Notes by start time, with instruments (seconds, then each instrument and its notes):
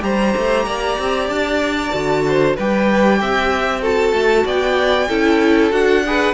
0.00 cello G3, viola G4, violin C5 A#5
0.37 cello A3
0.66 cello A#3, violin D5
0.98 cello C4
1.28 cello D4, violin A5
1.93 cello D3, viola F#4
2.27 violin C5
2.56 cello G3, viola G4, violin B4 G5
3.21 cello C4, violin E5
3.81 viola F#4, violin A4 A5
4.12 cello A3
4.45 cello B3, violin D5 G5
5.08 cello C#4, viola E4, violin A4
5.71 cello D4, viola F#4, violin F#5
6.06 viola G#4, violin B4